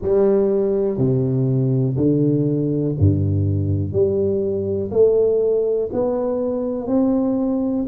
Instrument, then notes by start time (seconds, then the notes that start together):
tuba
0.02 G3
0.97 C3
1.96 D3
2.99 G2
3.92 G3
4.91 A3
5.92 B3
6.87 C4